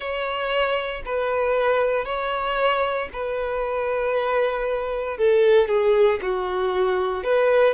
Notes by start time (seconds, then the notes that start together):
0.00 C#5
1.05 B4
2.05 C#5
3.13 B4
5.17 A4
5.68 G#4
6.22 F#4
7.23 B4